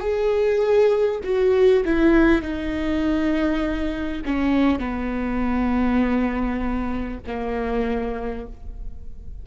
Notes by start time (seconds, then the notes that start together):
0.00 G#4
1.23 F#4
1.85 E4
2.42 D#4
4.25 C#4
4.79 B3
7.27 A#3